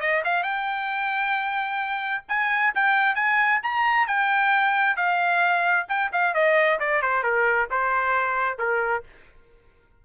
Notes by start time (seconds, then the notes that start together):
0.00 D#5
0.24 F5
0.43 G5
2.28 G#5
2.74 G5
3.15 G#5
3.62 A#5
4.07 G5
4.96 F5
5.88 G5
6.12 F5
6.34 D#5
6.79 D5
7.01 C5
7.23 A#4
7.70 C5
8.58 A#4